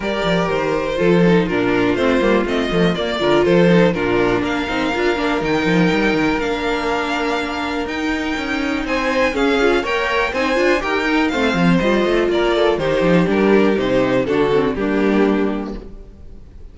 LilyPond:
<<
  \new Staff \with { instrumentName = "violin" } { \time 4/4 \tempo 4 = 122 d''4 c''2 ais'4 | c''4 dis''4 d''4 c''4 | ais'4 f''2 g''4~ | g''4 f''2. |
g''2 gis''4 f''4 | g''4 gis''4 g''4 f''4 | dis''4 d''4 c''4 ais'4 | c''4 a'4 g'2 | }
  \new Staff \with { instrumentName = "violin" } { \time 4/4 ais'2 a'4 f'4~ | f'2~ f'8 ais'8 a'4 | f'4 ais'2.~ | ais'1~ |
ais'2 c''4 gis'4 | cis''4 c''4 ais'4 c''4~ | c''4 ais'8 a'8 g'2~ | g'4 fis'4 d'2 | }
  \new Staff \with { instrumentName = "viola" } { \time 4/4 g'2 f'8 dis'8 d'4 | c'8 ais8 c'8 a8 ais8 f'4 dis'8 | d'4. dis'8 f'8 d'8 dis'4~ | dis'4 d'2. |
dis'2. cis'8 f'8 | ais'4 dis'8 f'8 g'8 dis'8 c'4 | f'2 dis'4 d'4 | dis'4 d'8 c'8 ais2 | }
  \new Staff \with { instrumentName = "cello" } { \time 4/4 g8 f8 dis4 f4 ais,4 | a8 g8 a8 f8 ais8 d8 f4 | ais,4 ais8 c'8 d'8 ais8 dis8 f8 | g8 dis8 ais2. |
dis'4 cis'4 c'4 cis'4 | ais4 c'8 d'8 dis'4 a8 f8 | g8 a8 ais4 dis8 f8 g4 | c4 d4 g2 | }
>>